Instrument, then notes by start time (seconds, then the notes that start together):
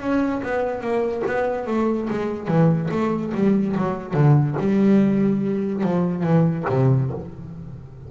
double bass
0.00 C#4
0.42 B3
0.81 A#3
1.27 B3
1.67 A3
2.10 G#3
2.48 E3
2.91 A3
3.34 G3
3.77 F#3
4.14 D3
4.59 G3
5.83 F3
6.23 E3
6.69 C3